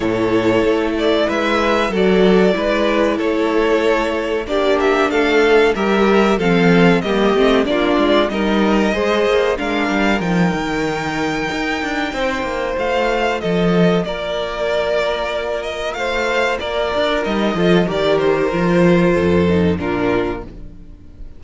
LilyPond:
<<
  \new Staff \with { instrumentName = "violin" } { \time 4/4 \tempo 4 = 94 cis''4. d''8 e''4 d''4~ | d''4 cis''2 d''8 e''8 | f''4 e''4 f''4 dis''4 | d''4 dis''2 f''4 |
g''1 | f''4 dis''4 d''2~ | d''8 dis''8 f''4 d''4 dis''4 | d''8 c''2~ c''8 ais'4 | }
  \new Staff \with { instrumentName = "violin" } { \time 4/4 a'2 b'4 a'4 | b'4 a'2 g'4 | a'4 ais'4 a'4 g'4 | f'4 ais'4 c''4 ais'4~ |
ais'2. c''4~ | c''4 a'4 ais'2~ | ais'4 c''4 ais'4. a'8 | ais'2 a'4 f'4 | }
  \new Staff \with { instrumentName = "viola" } { \time 4/4 e'2. fis'4 | e'2. d'4~ | d'4 g'4 c'4 ais8 c'8 | d'4 dis'4 gis'4 d'4 |
dis'1 | f'1~ | f'2. dis'8 f'8 | g'4 f'4. dis'8 d'4 | }
  \new Staff \with { instrumentName = "cello" } { \time 4/4 a,4 a4 gis4 fis4 | gis4 a2 ais4 | a4 g4 f4 g8 a8 | ais8 gis8 g4 gis8 ais8 gis8 g8 |
f8 dis4. dis'8 d'8 c'8 ais8 | a4 f4 ais2~ | ais4 a4 ais8 d'8 g8 f8 | dis4 f4 f,4 ais,4 | }
>>